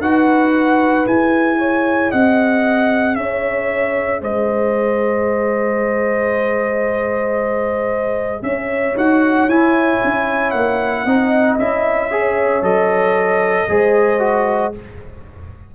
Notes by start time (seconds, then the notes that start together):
0.00 D#4 F#4 B4 F#5
1.06 E4 G#4 G#5
1.58 C#5
2.11 C4 D#5 F#5
3.15 C#4 C#5 E5
4.21 G#3 C5 D#5
8.42 C#4 C#5 E5
8.96 D#4 F#4 F#5
9.47 E4 G#5
10.04 C#4
10.50 A#3 F#5
11.05 C4 D#4 D#5
11.58 C#4 E4 E5
12.11 G#4 C#5
12.62 F#3 A4 D#5
13.68 G#3 G#4 C5
14.19 F#4